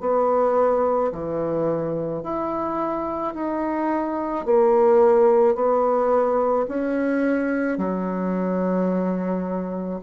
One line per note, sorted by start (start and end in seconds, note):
0.00 1.11 B3
1.12 2.23 E3
2.23 3.34 E4
3.34 4.45 D#4
4.45 5.55 A#3
5.55 6.66 B3
6.68 7.78 C#4
7.78 10.00 F#3